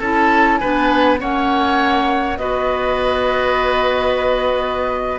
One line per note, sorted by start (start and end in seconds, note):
0.00 0.60 C#4
0.00 0.62 E4
0.00 0.59 A4
0.00 0.58 A5
0.58 1.19 D4
0.58 1.20 B4
0.58 1.17 G#5
0.64 1.22 B3
1.19 2.38 A#3
1.19 2.37 C#4
1.19 2.39 C#5
1.19 2.37 F#5
2.37 5.20 B3
2.37 5.20 F#4
2.37 5.20 B4
2.37 5.20 D#5